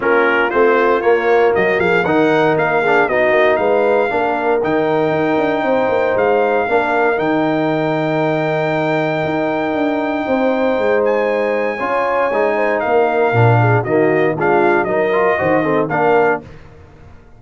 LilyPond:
<<
  \new Staff \with { instrumentName = "trumpet" } { \time 4/4 \tempo 4 = 117 ais'4 c''4 cis''4 dis''8 f''8 | fis''4 f''4 dis''4 f''4~ | f''4 g''2. | f''2 g''2~ |
g''1~ | g''4. gis''2~ gis''8~ | gis''4 f''2 dis''4 | f''4 dis''2 f''4 | }
  \new Staff \with { instrumentName = "horn" } { \time 4/4 f'2. fis'8 gis'8 | ais'4. gis'8 fis'4 b'4 | ais'2. c''4~ | c''4 ais'2.~ |
ais'1 | c''2. cis''4~ | cis''8 c''8 ais'4. gis'8 fis'4 | f'4 ais'4 c''8 a'8 ais'4 | }
  \new Staff \with { instrumentName = "trombone" } { \time 4/4 cis'4 c'4 ais2 | dis'4. d'8 dis'2 | d'4 dis'2.~ | dis'4 d'4 dis'2~ |
dis'1~ | dis'2. f'4 | dis'2 d'4 ais4 | d'4 dis'8 f'8 fis'8 c'8 d'4 | }
  \new Staff \with { instrumentName = "tuba" } { \time 4/4 ais4 a4 ais4 fis8 f8 | dis4 ais4 b8 ais8 gis4 | ais4 dis4 dis'8 d'8 c'8 ais8 | gis4 ais4 dis2~ |
dis2 dis'4 d'4 | c'4 gis2 cis'4 | gis4 ais4 ais,4 dis4 | gis4 fis4 dis4 ais4 | }
>>